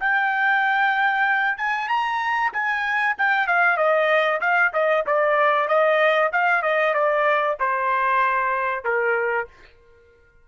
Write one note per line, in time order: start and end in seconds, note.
0.00 1.58 G5
1.58 1.88 G#5
1.88 2.51 A#5
2.53 3.16 G#5
3.18 3.47 G5
3.47 3.77 F5
3.77 4.40 D#5
4.41 4.72 F5
4.73 5.05 D#5
5.06 5.68 D5
5.68 6.31 D#5
6.32 6.62 F5
6.62 6.94 D#5
6.94 7.57 D5
7.60 8.84 C5
8.84 9.48 A#4